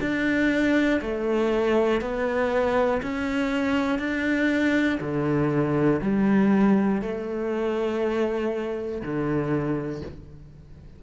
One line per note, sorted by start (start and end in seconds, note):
0.00 1.00 D4
1.00 2.00 A3
2.00 3.00 B3
3.02 3.99 C#4
3.99 4.99 D4
5.00 6.00 D3
6.01 7.01 G3
7.01 9.01 A3
9.01 10.01 D3